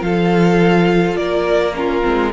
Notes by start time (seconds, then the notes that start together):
0.00 F3 F4 A4 F5
1.16 A#3 A#4 D5
1.75 C#4 F4 A#4
2.03 G#3 C4